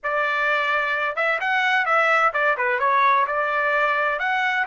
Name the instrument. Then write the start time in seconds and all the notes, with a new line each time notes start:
trumpet
0.03 D5
1.15 E5
1.40 F#5
1.85 E5
2.33 D5
2.57 B4
2.79 C#5
3.26 D5
4.19 F#5